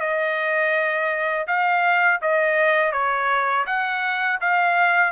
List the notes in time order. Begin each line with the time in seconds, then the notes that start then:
0.00 D#5
1.47 F5
2.22 D#5
2.92 C#5
3.66 F#5
4.41 F5